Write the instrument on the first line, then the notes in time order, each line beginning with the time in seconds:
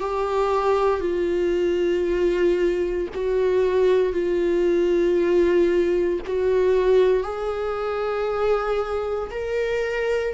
viola
0.00 G4
1.01 F4
3.15 F#4
4.13 F4
6.26 F#4
7.23 G#4
9.31 A#4